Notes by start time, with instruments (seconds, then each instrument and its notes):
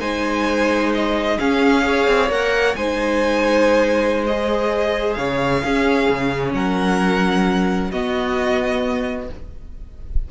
0.00 cello G#3, viola D#4, violin C5 G#5
0.95 violin D#5
1.39 viola C#4, cello C#4, violin G#4 F5
1.82 viola G#4, violin C#5
2.07 cello C4
2.29 cello A#3, viola A#4, violin F#5
2.75 cello G#3, viola D#4, violin C5 G#5
4.27 viola G#4, violin D#5
5.14 cello C#3, violin C#5 F5
5.64 cello C#4, viola C#4, violin G#4
6.09 cello C#3
6.54 cello F#3, violin A#4 F#5
7.91 cello B3, viola B3, violin F#4 D#5